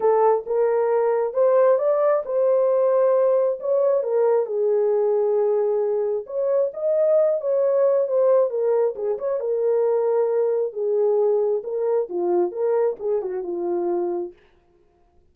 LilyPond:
\new Staff \with { instrumentName = "horn" } { \time 4/4 \tempo 4 = 134 a'4 ais'2 c''4 | d''4 c''2. | cis''4 ais'4 gis'2~ | gis'2 cis''4 dis''4~ |
dis''8 cis''4. c''4 ais'4 | gis'8 cis''8 ais'2. | gis'2 ais'4 f'4 | ais'4 gis'8 fis'8 f'2 | }